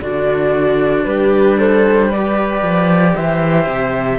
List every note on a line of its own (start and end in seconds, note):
0.00 1.05 D3
0.00 2.12 D4
0.00 1.06 F#4
0.00 1.04 D5
1.04 2.62 G3
1.04 1.58 G4
1.04 1.57 B4
1.58 2.07 A4
1.58 2.11 C5
2.07 4.18 G4
2.07 3.12 B4
2.07 3.15 D5
2.62 3.14 F3
3.15 3.66 E3
3.15 4.18 C5
3.15 4.18 E5
3.66 4.18 C3